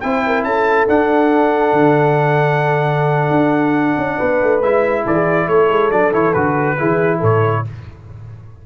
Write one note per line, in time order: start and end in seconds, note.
0.00 0.44 C4
0.00 0.88 E4
0.00 0.25 C5
0.00 0.43 G5
0.27 0.46 A#4
0.44 0.87 C#4
0.44 4.17 A4
0.44 0.87 A5
0.88 4.63 D4
0.88 1.72 D4
0.88 4.62 F#5
1.72 3.31 D3
3.31 3.95 D4
3.97 4.19 C#4
4.17 4.42 B3
4.17 5.03 B4
4.42 4.61 A3
4.61 5.04 G#3
4.61 5.92 E4
4.61 5.05 E5
5.06 5.47 E3
5.06 5.14 A4
5.06 5.48 D5
5.14 5.46 G#4
5.47 5.69 A3
5.47 6.77 A4
5.47 5.91 C#5
5.69 5.90 G#3
5.91 6.12 F#3
5.91 6.12 D4
5.91 6.12 D5
6.12 6.35 E3
6.12 6.33 E4
6.12 6.33 C#5
6.33 6.78 D3
6.33 6.78 F#4
6.33 7.19 B4
6.78 7.22 E3
6.78 7.64 E4
6.78 7.19 G#4
7.19 7.65 A2
7.19 7.62 A4
7.19 7.66 C#5